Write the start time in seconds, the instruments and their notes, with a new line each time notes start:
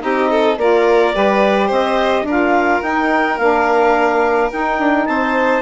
0.00 bassoon C4, saxophone D#4, violin G4, clarinet D#5
0.30 violin A4
0.57 bassoon A#3, saxophone F4, violin A#4, clarinet D5
1.13 bassoon G3, saxophone G4, violin B4
1.67 bassoon C4, violin C5, clarinet D#5
2.23 bassoon D4, saxophone F4, violin A#4
2.30 clarinet F5
2.83 bassoon D#4, saxophone D#4, clarinet G5
3.38 bassoon A#3, saxophone D4, clarinet F5
4.51 saxophone D#4, bassoon D#4, clarinet G5
4.78 bassoon D4
5.06 bassoon C4, violin C5, clarinet A5